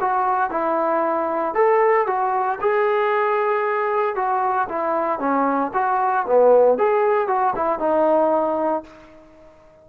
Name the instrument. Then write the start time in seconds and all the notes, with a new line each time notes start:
trombone
0.00 F#4
0.50 E4
1.54 A4
2.06 F#4
2.60 G#4
4.15 F#4
4.68 E4
5.19 C#4
5.73 F#4
6.26 B3
6.78 G#4
7.27 F#4
7.55 E4
7.79 D#4